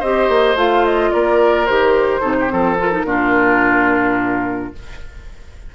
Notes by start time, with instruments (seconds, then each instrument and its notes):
0.00 bassoon C4, clarinet G4, oboe C5, flute D#5
0.29 bassoon A#3
0.55 bassoon A3, clarinet F4, flute F5
0.86 flute D#5
1.13 bassoon A#3, oboe A#4, flute D5
1.66 bassoon D#3, clarinet G4, flute C5
2.21 bassoon C3, clarinet D#4, oboe A4
2.40 oboe G4
2.48 bassoon F3, clarinet C4, oboe A4
2.79 clarinet F4, flute A#4
2.92 clarinet D#4
3.04 bassoon A#2, clarinet D4, oboe F4